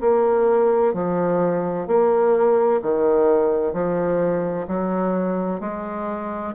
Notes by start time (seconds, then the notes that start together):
0.00 A#3
0.94 F3
1.87 A#3
2.82 D#3
3.73 F3
4.67 F#3
5.60 G#3